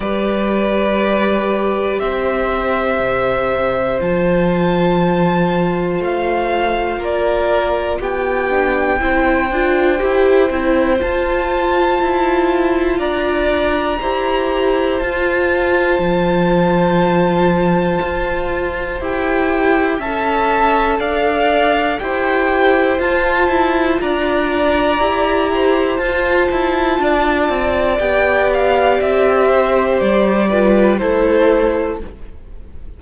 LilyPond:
<<
  \new Staff \with { instrumentName = "violin" } { \time 4/4 \tempo 4 = 60 d''2 e''2 | a''2 f''4 d''4 | g''2. a''4~ | a''4 ais''2 a''4~ |
a''2. g''4 | a''4 f''4 g''4 a''4 | ais''2 a''2 | g''8 f''8 e''4 d''4 c''4 | }
  \new Staff \with { instrumentName = "violin" } { \time 4/4 b'2 c''2~ | c''2. ais'4 | g'4 c''2.~ | c''4 d''4 c''2~ |
c''1 | e''4 d''4 c''2 | d''4. c''4. d''4~ | d''4. c''4 b'8 a'4 | }
  \new Staff \with { instrumentName = "viola" } { \time 4/4 g'1 | f'1~ | f'8 d'8 e'8 f'8 g'8 e'8 f'4~ | f'2 g'4 f'4~ |
f'2. g'4 | a'2 g'4 f'4~ | f'4 g'4 f'2 | g'2~ g'8 f'8 e'4 | }
  \new Staff \with { instrumentName = "cello" } { \time 4/4 g2 c'4 c4 | f2 a4 ais4 | b4 c'8 d'8 e'8 c'8 f'4 | e'4 d'4 e'4 f'4 |
f2 f'4 e'4 | cis'4 d'4 e'4 f'8 e'8 | d'4 e'4 f'8 e'8 d'8 c'8 | b4 c'4 g4 a4 | }
>>